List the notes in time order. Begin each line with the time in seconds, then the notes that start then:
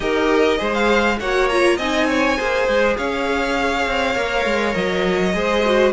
0.00 D#4 G4 A#4 D#5
0.57 G#3 G#4 C5
0.74 F5
1.19 A#3 F#4 C#5 F#5
1.48 F4 A#5
1.76 C4 D#4 D#5 G#5
2.08 C#5
2.37 A#3 G#4 C5
2.68 G#3
2.96 C#4 C#5 F5
3.86 C4
4.15 A#3 A#4
4.45 G#3
4.74 F#3 D#5
5.33 G#3 G#4 C5
5.65 F#4